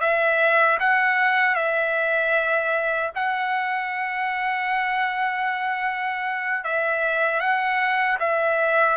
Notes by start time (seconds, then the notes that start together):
0.00 E5
0.80 F#5
1.55 E5
3.15 F#5
6.64 E5
7.40 F#5
8.20 E5